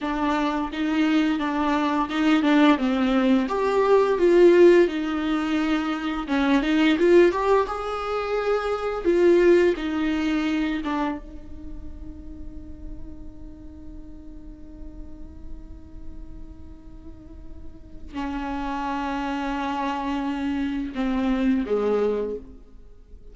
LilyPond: \new Staff \with { instrumentName = "viola" } { \time 4/4 \tempo 4 = 86 d'4 dis'4 d'4 dis'8 d'8 | c'4 g'4 f'4 dis'4~ | dis'4 cis'8 dis'8 f'8 g'8 gis'4~ | gis'4 f'4 dis'4. d'8 |
dis'1~ | dis'1~ | dis'2 cis'2~ | cis'2 c'4 gis4 | }